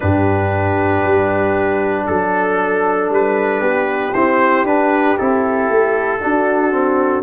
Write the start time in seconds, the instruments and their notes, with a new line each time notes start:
0.00 tuba G2, trombone D4, horn G4, trumpet B4
1.03 tuba G3
2.06 tuba F#3, trumpet A4, horn A4
3.09 tuba G3, trumpet B4
3.61 tuba B3, horn G4
4.13 trombone C4, tuba E4, trumpet C5
4.64 tuba D4, trombone D4, trumpet B4
5.17 tuba C4, trombone E4, trumpet A4
5.69 tuba A3
6.20 trombone D4, tuba D4, horn F#4
6.71 trombone C4